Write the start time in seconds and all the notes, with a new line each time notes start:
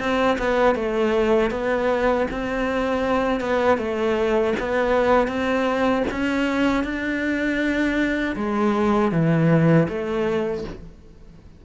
0.00 C4
0.39 B3
0.76 A3
1.51 B3
2.32 C4
3.41 B3
3.78 A3
4.60 B3
5.28 C4
6.11 C#4
6.84 D4
8.36 G#3
9.12 E3
9.89 A3